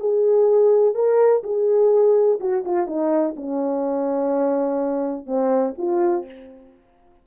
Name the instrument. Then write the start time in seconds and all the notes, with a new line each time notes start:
horn
0.00 G#4
0.95 A#4
1.44 G#4
2.40 F#4
2.65 F4
2.87 D#4
3.36 C#4
5.26 C4
5.78 F4